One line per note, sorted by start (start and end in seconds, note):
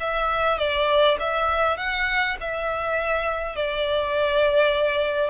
0.00 0.58 E5
0.58 1.17 D5
1.20 1.77 E5
1.77 2.37 F#5
2.40 3.56 E5
3.56 5.30 D5